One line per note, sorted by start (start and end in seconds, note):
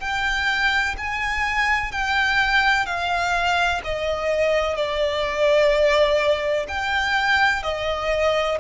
0.00 0.95 G5
0.97 1.91 G#5
1.91 2.86 G5
2.86 3.81 F5
3.84 4.76 D#5
4.76 6.66 D5
6.68 7.63 G5
7.63 8.58 D#5